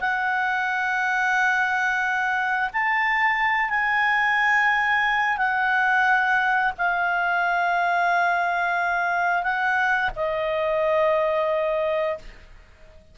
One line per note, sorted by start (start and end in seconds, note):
0.00 2.70 F#5
2.72 3.70 A5
3.70 5.37 G#5
5.37 6.72 F#5
6.78 9.43 F5
9.43 10.10 F#5
10.16 12.18 D#5